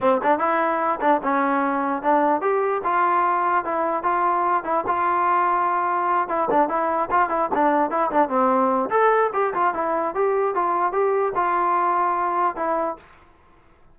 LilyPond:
\new Staff \with { instrumentName = "trombone" } { \time 4/4 \tempo 4 = 148 c'8 d'8 e'4. d'8 cis'4~ | cis'4 d'4 g'4 f'4~ | f'4 e'4 f'4. e'8 | f'2.~ f'8 e'8 |
d'8 e'4 f'8 e'8 d'4 e'8 | d'8 c'4. a'4 g'8 f'8 | e'4 g'4 f'4 g'4 | f'2. e'4 | }